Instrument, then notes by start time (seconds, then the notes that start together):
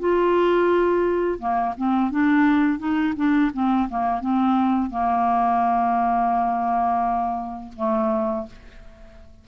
clarinet
0.00 F4
1.39 A#3
1.78 C4
2.11 D4
2.79 D#4
3.17 D4
3.54 C4
3.90 A#3
4.21 C4
4.91 A#3
7.76 A3